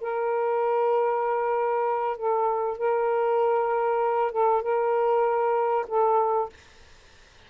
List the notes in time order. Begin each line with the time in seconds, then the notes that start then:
0.00 A#4
2.16 A4
2.77 A#4
4.31 A4
4.62 A#4
5.87 A4